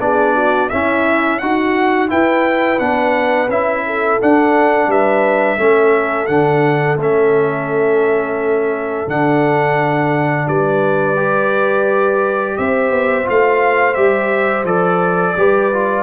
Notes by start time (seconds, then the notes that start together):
0.00 B3 D4 G#4 D5
0.35 F#4
0.69 C#4 E4 E5
1.39 D#4 F#4 F#5
2.09 E4 B4 G5
2.79 B3 D4 F#5
3.49 C#4 E4 E5
3.86 A4
4.21 D4 F#5
4.88 G3 B4 E5
5.58 A3 C#4 A4
6.27 D3 D4 F#5
6.97 A3 C#4 E5
9.08 D3 D4 F#5
10.48 G3 B4 D5
11.16 G4
12.58 C4 C5 E5
12.91 B3
13.25 A3 F4 F5
13.94 G3 G4 E5
14.64 F3 A4 D5
15.37 G3 G4 B4
15.73 F4